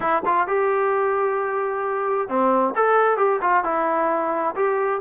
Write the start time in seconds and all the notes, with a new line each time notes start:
0.00 E4
0.25 F4
0.47 G4
2.28 C4
2.75 A4
3.17 G4
3.41 F4
3.64 E4
4.55 G4